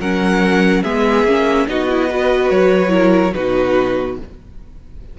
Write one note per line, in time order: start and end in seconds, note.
0.00 0.83 F#3
0.00 0.85 C#4
0.00 0.83 A#4
0.00 0.84 F#5
0.83 1.24 G#3
0.83 1.27 B3
0.83 1.66 G#4
0.83 1.67 E5
1.24 1.66 A#3
1.24 1.68 C#4
1.68 2.51 B3
1.68 1.89 D#4
1.68 2.10 F#4
1.68 2.51 D#5
1.89 2.10 E4
2.10 2.89 F#4
2.10 2.93 B4
2.51 3.34 F#3
2.51 3.34 C#5
2.89 3.31 E4
2.89 3.34 A#4
3.34 4.19 B2
3.34 4.18 D#4
3.34 4.18 F#4
3.34 4.17 B4